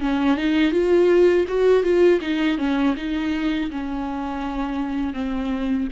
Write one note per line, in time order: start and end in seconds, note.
0.00 0.37 C#4
0.37 0.72 D#4
0.72 1.46 F4
1.48 1.83 F#4
1.83 2.20 F4
2.22 2.58 D#4
2.58 2.95 C#4
2.97 3.71 D#4
3.71 5.13 C#4
5.13 5.88 C4